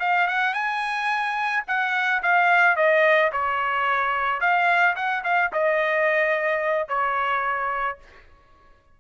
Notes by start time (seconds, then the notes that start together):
0.00 F5
0.28 F#5
0.54 G#5
1.68 F#5
2.23 F5
2.77 D#5
3.33 C#5
4.41 F5
4.96 F#5
5.24 F5
5.53 D#5
6.88 C#5